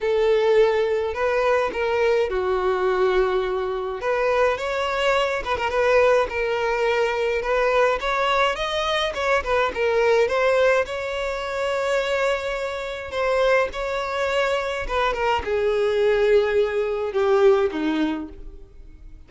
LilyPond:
\new Staff \with { instrumentName = "violin" } { \time 4/4 \tempo 4 = 105 a'2 b'4 ais'4 | fis'2. b'4 | cis''4. b'16 ais'16 b'4 ais'4~ | ais'4 b'4 cis''4 dis''4 |
cis''8 b'8 ais'4 c''4 cis''4~ | cis''2. c''4 | cis''2 b'8 ais'8 gis'4~ | gis'2 g'4 dis'4 | }